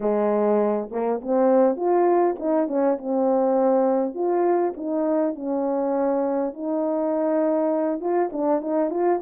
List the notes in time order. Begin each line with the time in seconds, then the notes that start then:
0.00 G#3
0.91 A#3
1.21 C4
1.76 F4
2.39 D#4
2.67 C#4
2.98 C4
4.14 F4
4.76 D#4
5.35 C#4
6.53 D#4
8.00 F4
8.32 D4
8.61 D#4
8.90 F4